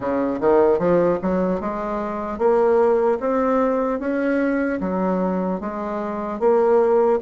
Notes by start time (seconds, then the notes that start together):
0.00 C#3
0.40 D#3
0.78 F3
1.22 F#3
1.60 G#3
2.38 A#3
3.20 C4
3.99 C#4
4.80 F#3
5.60 G#3
6.39 A#3